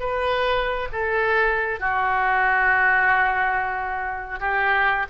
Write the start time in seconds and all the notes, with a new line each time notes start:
0.00 B4
0.92 A4
1.80 F#4
4.40 G4